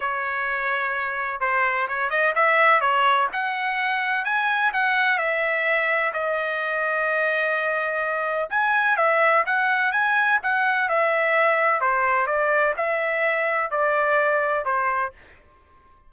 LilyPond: \new Staff \with { instrumentName = "trumpet" } { \time 4/4 \tempo 4 = 127 cis''2. c''4 | cis''8 dis''8 e''4 cis''4 fis''4~ | fis''4 gis''4 fis''4 e''4~ | e''4 dis''2.~ |
dis''2 gis''4 e''4 | fis''4 gis''4 fis''4 e''4~ | e''4 c''4 d''4 e''4~ | e''4 d''2 c''4 | }